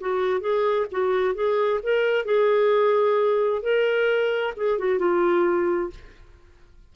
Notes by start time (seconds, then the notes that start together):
0.00 F#4
0.40 G#4
0.91 F#4
1.34 G#4
1.83 A#4
2.25 G#4
3.62 A#4
4.57 G#4
4.78 F#4
4.99 F4